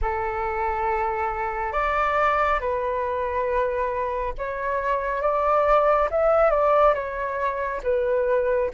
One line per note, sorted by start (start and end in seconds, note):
0.01 1.72 A4
1.72 2.59 D5
2.59 4.33 B4
4.38 5.21 C#5
5.21 6.08 D5
6.11 6.50 E5
6.50 6.94 D5
6.94 7.81 C#5
7.83 8.70 B4